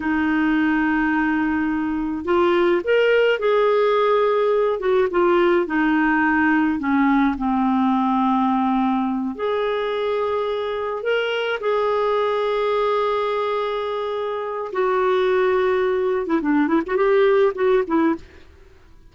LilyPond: \new Staff \with { instrumentName = "clarinet" } { \time 4/4 \tempo 4 = 106 dis'1 | f'4 ais'4 gis'2~ | gis'8 fis'8 f'4 dis'2 | cis'4 c'2.~ |
c'8 gis'2. ais'8~ | ais'8 gis'2.~ gis'8~ | gis'2 fis'2~ | fis'8. e'16 d'8 e'16 fis'16 g'4 fis'8 e'8 | }